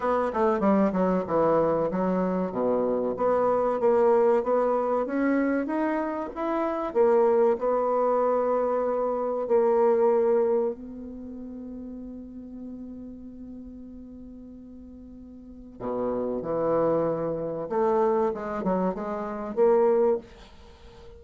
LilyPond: \new Staff \with { instrumentName = "bassoon" } { \time 4/4 \tempo 4 = 95 b8 a8 g8 fis8 e4 fis4 | b,4 b4 ais4 b4 | cis'4 dis'4 e'4 ais4 | b2. ais4~ |
ais4 b2.~ | b1~ | b4 b,4 e2 | a4 gis8 fis8 gis4 ais4 | }